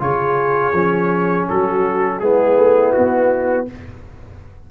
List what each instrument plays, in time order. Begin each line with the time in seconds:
0.00 tuba C#3, trombone F4, horn G#4, trumpet C#5
0.73 tuba F3, trombone C#4
1.49 tuba F#3, horn F#4, trumpet A4
2.20 tuba G#3, trombone B3, horn E4, trumpet G#4
2.58 tuba A3
2.93 tuba B3, trumpet F#4